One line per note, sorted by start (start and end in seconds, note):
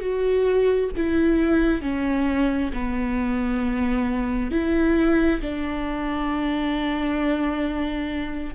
0.00 0.90 F#4
0.96 1.82 E4
1.82 2.71 C#4
2.73 4.51 B3
4.51 5.41 E4
5.41 8.54 D4